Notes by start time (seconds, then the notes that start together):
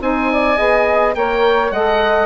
0.00 C4 D#4 C5 G#5
0.32 D5
0.56 B3 G#4 D#5
1.14 A#3 A#4 C#5 G5
1.70 G#3 A4 D#5 F#5